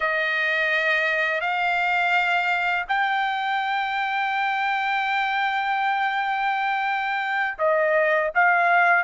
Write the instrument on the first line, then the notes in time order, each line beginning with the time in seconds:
trumpet
0.00 D#5
1.40 F5
2.88 G5
7.58 D#5
8.34 F5